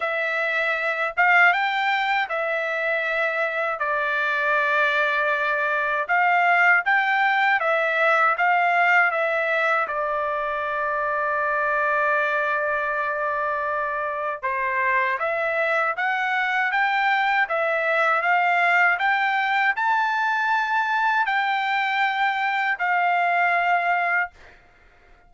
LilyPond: \new Staff \with { instrumentName = "trumpet" } { \time 4/4 \tempo 4 = 79 e''4. f''8 g''4 e''4~ | e''4 d''2. | f''4 g''4 e''4 f''4 | e''4 d''2.~ |
d''2. c''4 | e''4 fis''4 g''4 e''4 | f''4 g''4 a''2 | g''2 f''2 | }